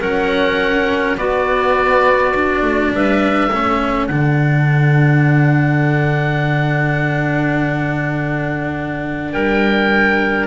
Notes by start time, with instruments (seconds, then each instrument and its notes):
0.00 double bass F#3, cello C#4, clarinet A#4, oboe F#5
1.17 cello B3, double bass B3, clarinet F#4, oboe D5
2.34 cello D4
2.62 double bass A3
2.92 double bass G3, clarinet B4, oboe E5
3.51 double bass A3, cello C#4, clarinet A4
4.07 double bass D3, cello D4, oboe F#5
9.32 double bass G3, clarinet A#4, oboe G5